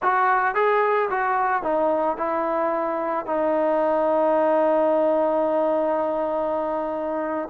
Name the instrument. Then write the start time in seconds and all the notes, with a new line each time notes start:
trombone
0.02 F#4
0.54 G#4
1.09 F#4
1.62 D#4
2.17 E4
3.26 D#4